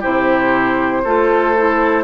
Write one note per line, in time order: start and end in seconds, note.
0.00 1.05 C3
0.00 1.04 E4
0.00 1.02 G4
0.00 2.04 C5
1.04 2.04 A3
1.04 1.56 F4
1.04 2.04 A4
1.57 2.04 E4